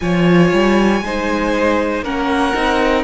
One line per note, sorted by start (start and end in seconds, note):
0.00 0.52 F3
0.00 1.03 F4
0.00 1.03 C#5
0.00 2.02 G#5
0.52 1.01 G3
1.01 2.02 G#3
1.01 2.04 D#4
1.01 2.04 C5
2.02 2.53 A#3
2.02 2.54 C#4
2.02 3.04 A#4
2.02 3.04 F#5
2.54 3.04 C4
2.54 3.04 D#4